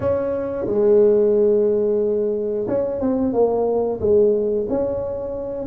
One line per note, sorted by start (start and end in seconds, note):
0.00 0.66 C#4
0.66 2.66 G#3
2.68 3.00 C#4
3.00 3.33 C4
3.33 4.00 A#3
4.00 4.67 G#3
4.68 5.66 C#4